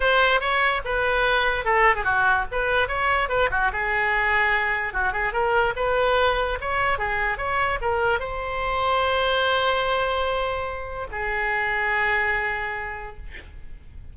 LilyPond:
\new Staff \with { instrumentName = "oboe" } { \time 4/4 \tempo 4 = 146 c''4 cis''4 b'2 | a'8. gis'16 fis'4 b'4 cis''4 | b'8 fis'8 gis'2. | fis'8 gis'8 ais'4 b'2 |
cis''4 gis'4 cis''4 ais'4 | c''1~ | c''2. gis'4~ | gis'1 | }